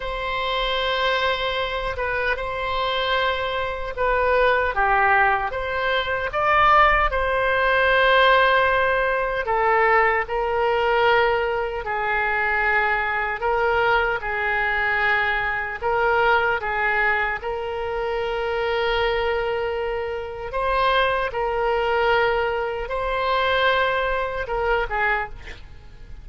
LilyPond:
\new Staff \with { instrumentName = "oboe" } { \time 4/4 \tempo 4 = 76 c''2~ c''8 b'8 c''4~ | c''4 b'4 g'4 c''4 | d''4 c''2. | a'4 ais'2 gis'4~ |
gis'4 ais'4 gis'2 | ais'4 gis'4 ais'2~ | ais'2 c''4 ais'4~ | ais'4 c''2 ais'8 gis'8 | }